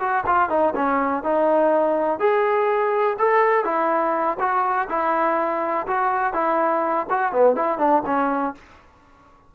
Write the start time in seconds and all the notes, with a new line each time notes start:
0.00 F#4
0.26 F4
0.50 D#4
0.76 C#4
1.24 D#4
2.20 G#4
3.19 A4
3.65 E4
4.40 F#4
4.89 E4
5.87 F#4
6.34 E4
7.10 F#4
7.32 B3
7.56 E4
7.78 D4
8.06 C#4